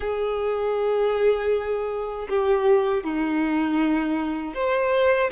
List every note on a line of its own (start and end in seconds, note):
0.00 2.28 G#4
2.29 3.03 G4
3.03 4.54 D#4
4.54 5.30 C5